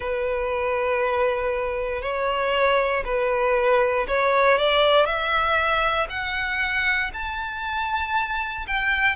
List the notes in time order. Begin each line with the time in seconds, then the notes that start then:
0.00 B4
2.02 C#5
3.04 B4
4.07 C#5
4.58 D5
5.05 E5
6.09 F#5
7.13 A5
8.67 G5